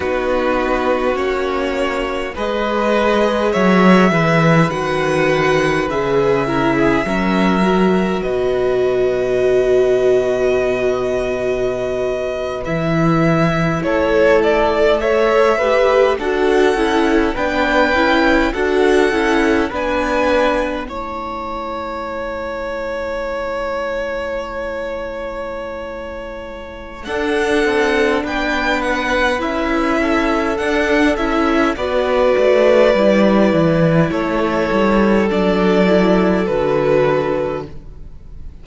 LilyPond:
<<
  \new Staff \with { instrumentName = "violin" } { \time 4/4 \tempo 4 = 51 b'4 cis''4 dis''4 e''4 | fis''4 e''2 dis''4~ | dis''2~ dis''8. e''4 cis''16~ | cis''16 d''8 e''4 fis''4 g''4 fis''16~ |
fis''8. gis''4 a''2~ a''16~ | a''2. fis''4 | g''8 fis''8 e''4 fis''8 e''8 d''4~ | d''4 cis''4 d''4 b'4 | }
  \new Staff \with { instrumentName = "violin" } { \time 4/4 fis'2 b'4 cis''8 b'8~ | b'4. ais'16 gis'16 ais'4 b'4~ | b'2.~ b'8. a'16~ | a'8. cis''8 b'8 a'4 b'4 a'16~ |
a'8. b'4 cis''2~ cis''16~ | cis''2. a'4 | b'4. a'4. b'4~ | b'4 a'2. | }
  \new Staff \with { instrumentName = "viola" } { \time 4/4 dis'4 cis'4 gis'2 | fis'4 gis'8 e'8 cis'8 fis'4.~ | fis'2~ fis'8. e'4~ e'16~ | e'8. a'8 g'8 fis'8 e'8 d'8 e'8 fis'16~ |
fis'16 e'8 d'4 e'2~ e'16~ | e'2. d'4~ | d'4 e'4 d'8 e'8 fis'4 | e'2 d'8 e'8 fis'4 | }
  \new Staff \with { instrumentName = "cello" } { \time 4/4 b4 ais4 gis4 fis8 e8 | dis4 cis4 fis4 b,4~ | b,2~ b,8. e4 a16~ | a4.~ a16 d'8 cis'8 b8 cis'8 d'16~ |
d'16 cis'8 b4 a2~ a16~ | a2. d'8 c'8 | b4 cis'4 d'8 cis'8 b8 a8 | g8 e8 a8 g8 fis4 d4 | }
>>